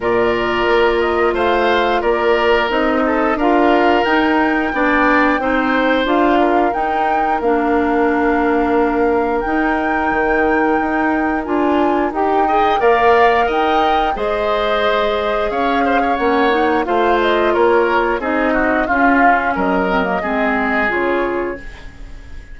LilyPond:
<<
  \new Staff \with { instrumentName = "flute" } { \time 4/4 \tempo 4 = 89 d''4. dis''8 f''4 d''4 | dis''4 f''4 g''2~ | g''4 f''4 g''4 f''4~ | f''2 g''2~ |
g''4 gis''4 g''4 f''4 | g''4 dis''2 f''4 | fis''4 f''8 dis''8 cis''4 dis''4 | f''4 dis''2 cis''4 | }
  \new Staff \with { instrumentName = "oboe" } { \time 4/4 ais'2 c''4 ais'4~ | ais'8 a'8 ais'2 d''4 | c''4. ais'2~ ais'8~ | ais'1~ |
ais'2~ ais'8 dis''8 d''4 | dis''4 c''2 cis''8 c''16 cis''16~ | cis''4 c''4 ais'4 gis'8 fis'8 | f'4 ais'4 gis'2 | }
  \new Staff \with { instrumentName = "clarinet" } { \time 4/4 f'1 | dis'4 f'4 dis'4 d'4 | dis'4 f'4 dis'4 d'4~ | d'2 dis'2~ |
dis'4 f'4 g'8 gis'8 ais'4~ | ais'4 gis'2. | cis'8 dis'8 f'2 dis'4 | cis'4. c'16 ais16 c'4 f'4 | }
  \new Staff \with { instrumentName = "bassoon" } { \time 4/4 ais,4 ais4 a4 ais4 | c'4 d'4 dis'4 b4 | c'4 d'4 dis'4 ais4~ | ais2 dis'4 dis4 |
dis'4 d'4 dis'4 ais4 | dis'4 gis2 cis'4 | ais4 a4 ais4 c'4 | cis'4 fis4 gis4 cis4 | }
>>